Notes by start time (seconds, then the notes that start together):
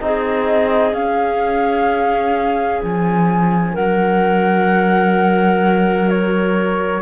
0.00 C4 D#4 G#4 D#5
0.93 C#4 F5
2.82 F3 G#5
3.73 F#3 A#4 F#5
6.09 C#5